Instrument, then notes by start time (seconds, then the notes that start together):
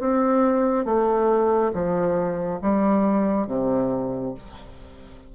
bassoon
0.00 C4
0.85 A3
1.73 F3
2.61 G3
3.47 C3